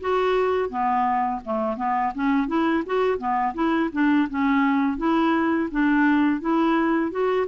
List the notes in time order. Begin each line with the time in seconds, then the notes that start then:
0.00 F#4
0.69 B3
1.44 A3
1.77 B3
2.14 C#4
2.47 E4
2.86 F#4
3.18 B3
3.54 E4
3.92 D4
4.29 C#4
4.97 E4
5.71 D4
6.40 E4
7.11 F#4